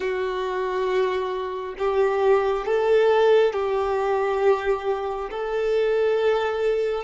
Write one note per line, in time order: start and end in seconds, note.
0.00 1.75 F#4
1.78 2.66 G4
2.66 3.53 A4
3.53 5.29 G4
5.30 7.03 A4